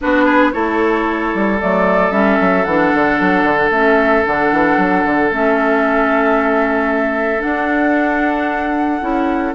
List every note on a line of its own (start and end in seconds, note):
0.01 0.54 B3
0.01 0.52 D4
0.01 0.25 F#4
0.01 0.52 B4
0.25 0.51 G#4
0.52 1.34 A3
0.52 1.59 E4
0.52 9.55 A4
0.52 1.58 C#5
1.34 1.61 G3
1.60 2.11 F#3
1.60 2.11 A3
1.60 2.11 D5
2.11 2.37 G3
2.11 2.64 C#4
2.11 2.63 E5
2.40 2.65 F#3
2.63 2.92 E3
2.63 3.72 D4
2.63 3.70 F#5
2.94 3.20 D3
3.20 3.43 F#3
3.43 3.69 D3
3.70 4.23 A3
3.70 4.25 C#4
3.70 4.25 E5
4.25 4.52 D3
4.25 5.31 D4
4.25 5.31 F#5
4.52 4.77 E3
4.77 5.04 F#3
5.05 5.31 D3
5.31 7.43 A3
5.31 7.40 C#4
5.31 7.41 E5
7.40 8.99 D4
7.40 9.01 D4
7.40 9.53 F#5
9.00 9.54 C#4
9.00 9.53 E4